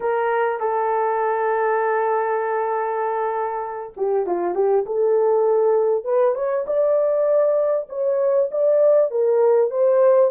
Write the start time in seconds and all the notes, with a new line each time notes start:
0.00 A#4
0.60 A4
3.96 G4
4.26 F4
4.55 G4
4.86 A4
6.04 B4
6.34 C#5
6.67 D5
7.89 C#5
8.51 D5
9.10 A#4
9.70 C5